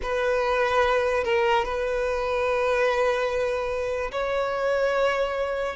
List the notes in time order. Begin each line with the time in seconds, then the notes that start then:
0.02 B4
1.24 A#4
1.64 B4
4.11 C#5